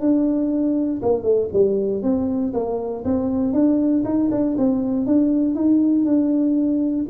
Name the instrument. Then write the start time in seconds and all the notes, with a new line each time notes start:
tuba
0.00 D4
1.02 A#3
1.23 A3
1.52 G3
2.03 C4
2.53 A#3
3.05 C4
3.53 D4
4.05 D#4
4.31 D4
4.57 C4
5.06 D4
5.55 D#4
6.05 D4